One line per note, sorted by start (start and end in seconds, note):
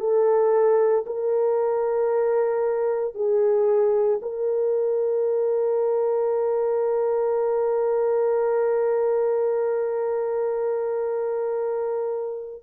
0.00 1.05 A4
1.07 3.15 A#4
3.15 4.20 G#4
4.22 12.63 A#4